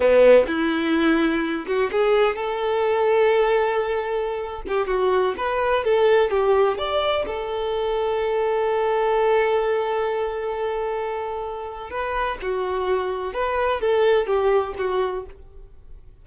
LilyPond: \new Staff \with { instrumentName = "violin" } { \time 4/4 \tempo 4 = 126 b4 e'2~ e'8 fis'8 | gis'4 a'2.~ | a'4.~ a'16 g'8 fis'4 b'8.~ | b'16 a'4 g'4 d''4 a'8.~ |
a'1~ | a'1~ | a'4 b'4 fis'2 | b'4 a'4 g'4 fis'4 | }